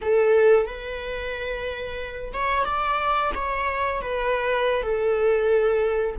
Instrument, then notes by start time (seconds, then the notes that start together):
viola
0.01 A4
0.65 B4
2.33 C#5
2.65 D5
3.35 C#5
4.02 B4
4.82 A4